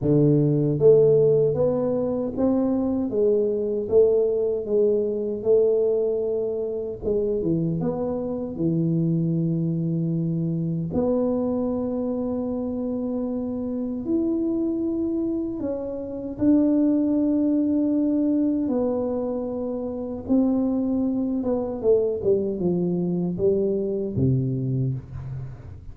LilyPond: \new Staff \with { instrumentName = "tuba" } { \time 4/4 \tempo 4 = 77 d4 a4 b4 c'4 | gis4 a4 gis4 a4~ | a4 gis8 e8 b4 e4~ | e2 b2~ |
b2 e'2 | cis'4 d'2. | b2 c'4. b8 | a8 g8 f4 g4 c4 | }